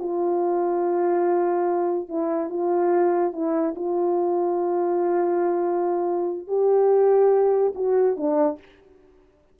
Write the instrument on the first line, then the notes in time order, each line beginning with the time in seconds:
horn
0.00 F4
2.09 E4
2.50 F4
3.33 E4
3.76 F4
6.47 G4
7.75 F#4
8.17 D4